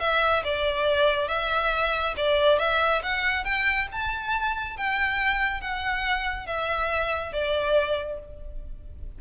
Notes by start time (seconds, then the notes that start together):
0.00 E5
0.44 D5
1.28 E5
2.17 D5
2.59 E5
3.03 F#5
3.44 G5
3.92 A5
4.77 G5
5.61 F#5
6.46 E5
7.32 D5